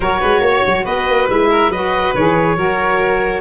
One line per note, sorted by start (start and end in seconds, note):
0.00 0.21 F#3
0.00 1.28 F#4
0.00 0.20 A#4
0.00 0.85 C#5
0.20 0.40 G#3
0.20 0.41 B4
0.40 0.62 A#3
0.40 0.84 C#5
0.66 0.86 F#3
0.84 1.06 B3
0.84 1.48 B4
0.84 1.28 D#5
1.06 1.28 A#3
1.28 1.69 G#3
1.28 1.71 E4
1.28 1.71 E5
1.50 1.70 A#4
1.69 2.12 F#3
1.69 2.15 F#4
1.69 2.56 B4
1.69 2.14 D#5
2.14 2.56 E3
2.14 2.56 G#4
2.14 3.41 C#5
2.56 3.41 F#3
2.56 3.41 F#4
2.56 3.41 A#4